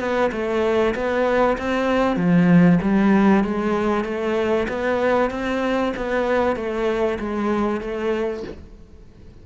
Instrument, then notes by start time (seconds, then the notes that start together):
cello
0.00 B3
0.32 A3
0.95 B3
1.59 C4
2.17 F3
2.83 G3
3.45 G#3
4.05 A3
4.69 B3
5.31 C4
5.97 B3
6.57 A3
7.20 G#3
7.81 A3